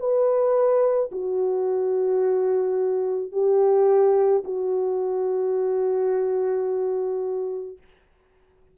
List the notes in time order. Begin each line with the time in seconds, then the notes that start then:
0.00 B4
1.12 F#4
3.32 G4
4.45 F#4